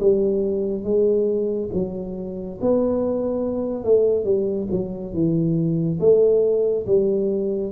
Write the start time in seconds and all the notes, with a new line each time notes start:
0.00 G3
0.84 G#3
1.73 F#3
2.61 B3
3.85 A3
4.25 G3
4.71 F#3
5.14 E3
6.00 A3
6.86 G3